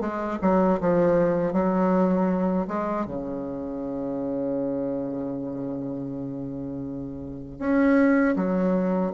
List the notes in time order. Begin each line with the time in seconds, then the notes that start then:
0.00 G#3
0.42 F#3
0.80 F3
1.53 F#3
2.68 G#3
3.06 C#3
7.59 C#4
8.36 F#3